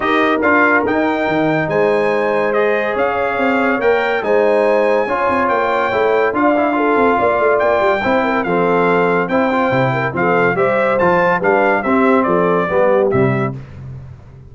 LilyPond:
<<
  \new Staff \with { instrumentName = "trumpet" } { \time 4/4 \tempo 4 = 142 dis''4 f''4 g''2 | gis''2 dis''4 f''4~ | f''4 g''4 gis''2~ | gis''4 g''2 f''4~ |
f''2 g''2 | f''2 g''2 | f''4 e''4 a''4 f''4 | e''4 d''2 e''4 | }
  \new Staff \with { instrumentName = "horn" } { \time 4/4 ais'1 | c''2. cis''4~ | cis''2 c''2 | cis''2. d''4 |
a'4 d''2 c''8 ais'8 | a'2 c''4. ais'8 | a'4 c''2 b'4 | g'4 a'4 g'2 | }
  \new Staff \with { instrumentName = "trombone" } { \time 4/4 g'4 f'4 dis'2~ | dis'2 gis'2~ | gis'4 ais'4 dis'2 | f'2 e'4 f'8 e'8 |
f'2. e'4 | c'2 e'8 f'8 e'4 | c'4 g'4 f'4 d'4 | c'2 b4 g4 | }
  \new Staff \with { instrumentName = "tuba" } { \time 4/4 dis'4 d'4 dis'4 dis4 | gis2. cis'4 | c'4 ais4 gis2 | cis'8 c'8 ais4 a4 d'4~ |
d'8 c'8 ais8 a8 ais8 g8 c'4 | f2 c'4 c4 | f4 g4 f4 g4 | c'4 f4 g4 c4 | }
>>